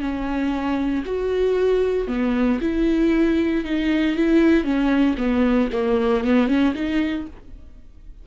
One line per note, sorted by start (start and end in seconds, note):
0.00 1.03 C#4
1.05 2.08 F#4
2.08 2.59 B3
2.61 3.64 E4
3.64 4.16 D#4
4.16 4.64 E4
4.64 5.15 C#4
5.17 5.69 B3
5.72 6.24 A#3
6.24 6.47 B3
6.47 6.73 C#4
6.74 7.26 D#4